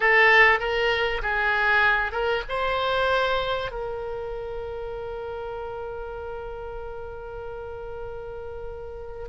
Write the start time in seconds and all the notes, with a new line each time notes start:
0.00 A4
0.59 A#4
1.21 G#4
2.12 A#4
2.49 C5
3.71 A#4